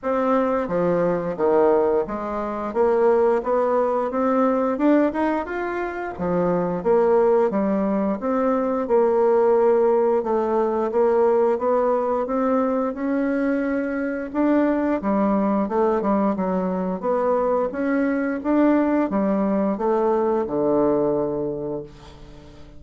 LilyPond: \new Staff \with { instrumentName = "bassoon" } { \time 4/4 \tempo 4 = 88 c'4 f4 dis4 gis4 | ais4 b4 c'4 d'8 dis'8 | f'4 f4 ais4 g4 | c'4 ais2 a4 |
ais4 b4 c'4 cis'4~ | cis'4 d'4 g4 a8 g8 | fis4 b4 cis'4 d'4 | g4 a4 d2 | }